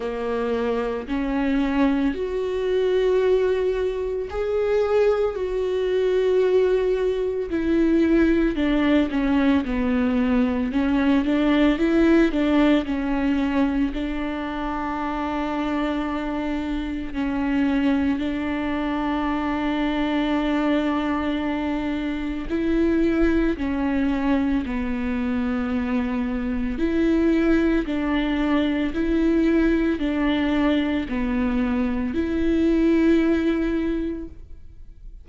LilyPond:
\new Staff \with { instrumentName = "viola" } { \time 4/4 \tempo 4 = 56 ais4 cis'4 fis'2 | gis'4 fis'2 e'4 | d'8 cis'8 b4 cis'8 d'8 e'8 d'8 | cis'4 d'2. |
cis'4 d'2.~ | d'4 e'4 cis'4 b4~ | b4 e'4 d'4 e'4 | d'4 b4 e'2 | }